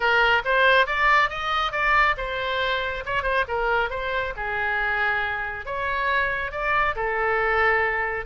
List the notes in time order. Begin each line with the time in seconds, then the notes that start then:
0.00 A#4
0.44 C5
0.86 D5
1.29 D#5
1.72 D5
2.17 C5
3.05 C#5
3.23 C5
3.48 A#4
3.90 C5
4.36 G#4
5.65 C#5
6.51 D5
6.95 A4